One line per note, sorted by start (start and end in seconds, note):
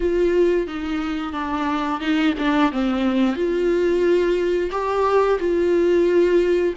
0.00 0.67 F4
0.67 1.32 D#4
1.32 2.00 D4
2.00 2.34 D#4
2.38 2.72 D4
2.72 3.35 C4
3.35 4.70 F4
4.71 5.38 G4
5.39 6.74 F4